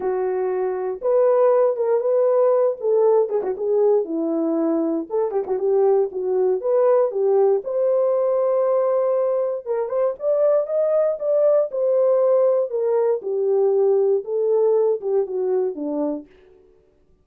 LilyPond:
\new Staff \with { instrumentName = "horn" } { \time 4/4 \tempo 4 = 118 fis'2 b'4. ais'8 | b'4. a'4 gis'16 fis'16 gis'4 | e'2 a'8 g'16 fis'16 g'4 | fis'4 b'4 g'4 c''4~ |
c''2. ais'8 c''8 | d''4 dis''4 d''4 c''4~ | c''4 ais'4 g'2 | a'4. g'8 fis'4 d'4 | }